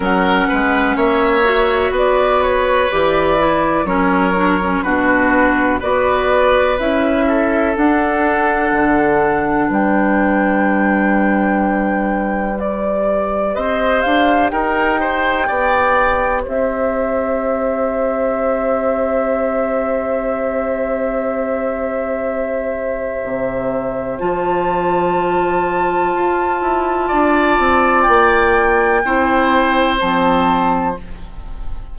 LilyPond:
<<
  \new Staff \with { instrumentName = "flute" } { \time 4/4 \tempo 4 = 62 fis''4 e''4 d''8 cis''8 d''4 | cis''4 b'4 d''4 e''4 | fis''2 g''2~ | g''4 d''4 dis''8 f''8 g''4~ |
g''4 e''2.~ | e''1~ | e''4 a''2.~ | a''4 g''2 a''4 | }
  \new Staff \with { instrumentName = "oboe" } { \time 4/4 ais'8 b'8 cis''4 b'2 | ais'4 fis'4 b'4. a'8~ | a'2 b'2~ | b'2 c''4 ais'8 c''8 |
d''4 c''2.~ | c''1~ | c''1 | d''2 c''2 | }
  \new Staff \with { instrumentName = "clarinet" } { \time 4/4 cis'4. fis'4. g'8 e'8 | cis'8 d'16 cis'16 d'4 fis'4 e'4 | d'1~ | d'4 g'2.~ |
g'1~ | g'1~ | g'4 f'2.~ | f'2 e'4 c'4 | }
  \new Staff \with { instrumentName = "bassoon" } { \time 4/4 fis8 gis8 ais4 b4 e4 | fis4 b,4 b4 cis'4 | d'4 d4 g2~ | g2 c'8 d'8 dis'4 |
b4 c'2.~ | c'1 | c4 f2 f'8 e'8 | d'8 c'8 ais4 c'4 f4 | }
>>